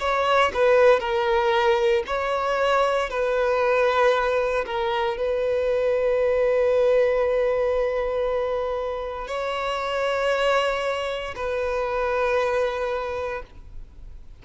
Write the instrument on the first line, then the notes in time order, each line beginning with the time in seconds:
violin
0.00 C#5
0.54 B4
1.00 A#4
2.07 C#5
3.10 B4
4.66 A#4
5.17 B4
9.28 C#5
11.36 B4